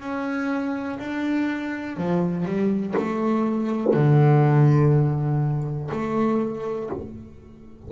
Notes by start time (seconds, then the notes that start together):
0.00 C#4
0.99 D4
1.97 F3
2.45 G3
2.97 A3
3.93 D3
5.92 A3